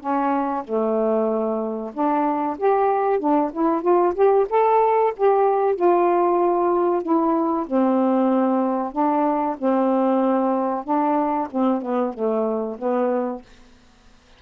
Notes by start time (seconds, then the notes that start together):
0.00 C#4
0.64 A3
1.94 D4
2.58 G4
3.19 D4
3.53 E4
3.82 F4
4.14 G4
4.49 A4
5.16 G4
5.76 F4
7.02 E4
7.67 C4
8.92 D4
9.58 C4
10.84 D4
11.51 C4
11.82 B3
12.14 A3
12.78 B3